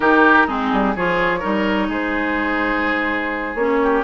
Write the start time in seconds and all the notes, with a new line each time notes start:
0.00 D#3 D#4 G4 A#4
0.47 G#3 C4 D#4 G#4
0.72 G3
0.95 F3 F4 G#4 C#5
1.39 G3 D#4 A#4
1.88 G#3 G#4 C5
3.55 A#3 C#4 C#5
3.82 G4